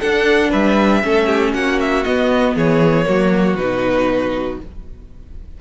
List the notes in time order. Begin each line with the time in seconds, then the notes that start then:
0.00 D4 A4 F#5
0.51 G3 B4 E5
1.03 A3 C#4 A4
1.27 G4
1.54 A#3 F#4 F#5
1.80 E5
2.04 B3 D#5
2.56 E3 G#4 C#5
3.06 F#3 A#3 F#4
3.56 B2 D#4 B4